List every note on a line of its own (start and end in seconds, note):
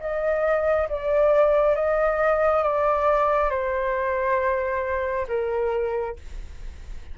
0.00 0.88 D#5
0.89 1.76 D5
1.76 2.63 D#5
2.63 3.50 D5
3.50 5.27 C5
5.28 6.16 A#4